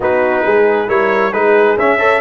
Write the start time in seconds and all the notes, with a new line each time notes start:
0.00 B3 D#4 F#4 B4
0.43 G#3 G#4
0.87 G3 E4 A#4 C#5
1.32 G#3 D#4 G#4 B4
1.77 C#4 E5
1.98 A4 C#5